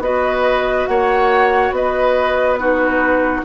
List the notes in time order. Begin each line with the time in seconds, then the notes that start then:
0.00 B3 F#4 B4 D#5
0.87 A#3 C#5 F#5
1.71 B3 B4 D#5
2.54 D#4 F#4 B4